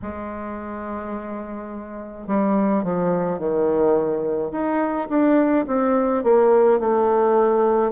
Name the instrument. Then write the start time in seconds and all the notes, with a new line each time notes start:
bassoon
0.02 G#3
2.27 G3
2.83 F3
3.38 D#3
4.51 D#4
5.09 D4
5.67 C4
6.23 A#3
6.79 A3